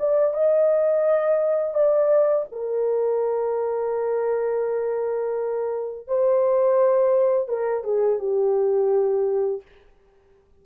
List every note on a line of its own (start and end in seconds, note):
0.00 0.34 D5
0.34 1.75 D#5
1.75 2.46 D5
2.52 6.08 A#4
6.08 7.49 C5
7.49 7.84 A#4
7.84 8.19 G#4
8.19 9.62 G4